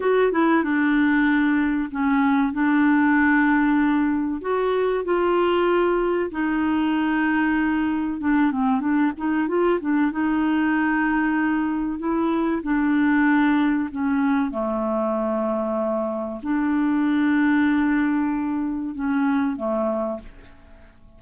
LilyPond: \new Staff \with { instrumentName = "clarinet" } { \time 4/4 \tempo 4 = 95 fis'8 e'8 d'2 cis'4 | d'2. fis'4 | f'2 dis'2~ | dis'4 d'8 c'8 d'8 dis'8 f'8 d'8 |
dis'2. e'4 | d'2 cis'4 a4~ | a2 d'2~ | d'2 cis'4 a4 | }